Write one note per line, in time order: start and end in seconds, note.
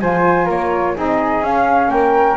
0.00 0.48 F3
0.00 0.95 F4
0.00 0.45 C5
0.00 0.48 G#5
0.45 0.96 A#3
0.45 0.92 A#4
0.45 0.97 C#5
0.95 1.41 C4
0.95 1.43 D#4
0.95 1.90 G#4
0.95 1.43 D#5
1.41 1.88 C#4
1.41 2.37 C#4
1.41 1.90 F5
1.88 2.35 A#3
1.88 2.37 A#4
1.88 2.37 G5